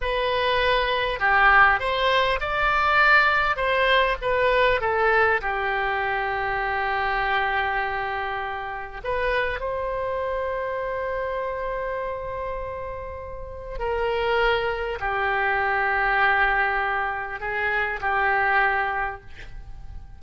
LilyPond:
\new Staff \with { instrumentName = "oboe" } { \time 4/4 \tempo 4 = 100 b'2 g'4 c''4 | d''2 c''4 b'4 | a'4 g'2.~ | g'2. b'4 |
c''1~ | c''2. ais'4~ | ais'4 g'2.~ | g'4 gis'4 g'2 | }